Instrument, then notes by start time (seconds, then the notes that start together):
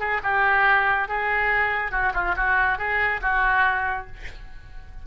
oboe
0.00 G#4
0.23 G4
1.09 G#4
1.92 F#4
2.14 F4
2.37 F#4
2.78 G#4
3.22 F#4